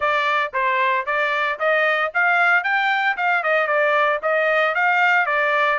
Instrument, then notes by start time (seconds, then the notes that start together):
trumpet
0.00 D5
0.53 C5
1.06 D5
1.59 D#5
2.13 F5
2.63 G5
3.16 F5
3.43 D#5
3.67 D5
4.22 D#5
4.74 F5
5.26 D5